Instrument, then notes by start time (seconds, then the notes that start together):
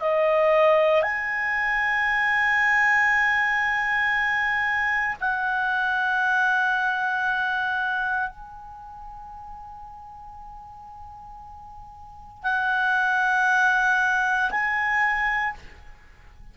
clarinet
0.00 D#5
1.03 G#5
5.21 F#5
8.30 G#5
12.44 F#5
14.51 G#5